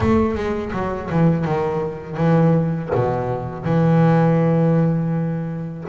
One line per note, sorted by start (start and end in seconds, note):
0.00 0.35 A3
0.35 0.72 G#3
0.73 1.09 F#3
1.09 1.45 E3
1.45 2.17 D#3
2.17 2.90 E3
2.94 3.65 B2
3.65 5.84 E3